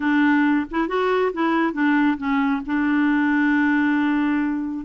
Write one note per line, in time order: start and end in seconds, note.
0.00 0.65 D4
0.70 0.87 E4
0.87 1.32 F#4
1.33 1.73 E4
1.73 2.17 D4
2.17 2.61 C#4
2.66 4.85 D4